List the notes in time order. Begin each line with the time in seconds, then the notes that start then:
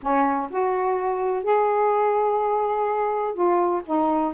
0.02 C#4
0.50 F#4
1.43 G#4
3.34 F4
3.86 D#4